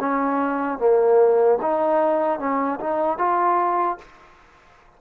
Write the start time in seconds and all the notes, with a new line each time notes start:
0.00 C#4
0.79 A#3
1.62 D#4
2.40 C#4
2.80 D#4
3.19 F4